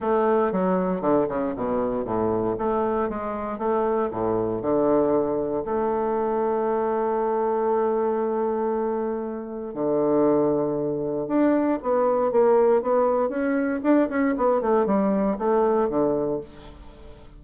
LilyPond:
\new Staff \with { instrumentName = "bassoon" } { \time 4/4 \tempo 4 = 117 a4 fis4 d8 cis8 b,4 | a,4 a4 gis4 a4 | a,4 d2 a4~ | a1~ |
a2. d4~ | d2 d'4 b4 | ais4 b4 cis'4 d'8 cis'8 | b8 a8 g4 a4 d4 | }